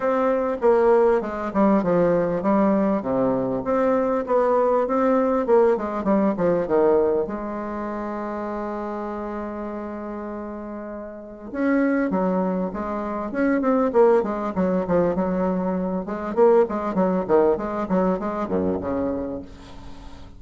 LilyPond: \new Staff \with { instrumentName = "bassoon" } { \time 4/4 \tempo 4 = 99 c'4 ais4 gis8 g8 f4 | g4 c4 c'4 b4 | c'4 ais8 gis8 g8 f8 dis4 | gis1~ |
gis2. cis'4 | fis4 gis4 cis'8 c'8 ais8 gis8 | fis8 f8 fis4. gis8 ais8 gis8 | fis8 dis8 gis8 fis8 gis8 fis,8 cis4 | }